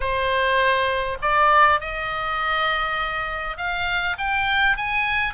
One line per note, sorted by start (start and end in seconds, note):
0.00 1.17 C5
1.21 1.80 D5
1.80 3.57 D#5
3.57 4.16 F5
4.17 4.76 G5
4.76 5.33 G#5